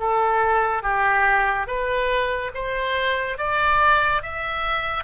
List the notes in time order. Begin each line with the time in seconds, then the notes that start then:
0.00 A4
0.83 G4
1.67 B4
2.55 C5
3.38 D5
4.23 E5